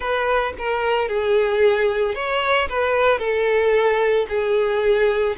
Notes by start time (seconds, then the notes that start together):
0.00 B4
0.58 A#4
1.08 G#4
2.14 C#5
2.68 B4
3.19 A4
4.29 G#4